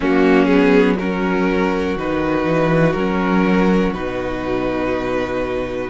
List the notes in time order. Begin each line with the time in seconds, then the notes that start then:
0.00 F#3 A#3 C#4 F#4
0.45 B3 G#4
0.98 C#4 F#4 A#4
1.96 D#3 D#4 B4
2.45 E3
2.92 F#3 C#4 A#4
3.92 B2 D#4 B4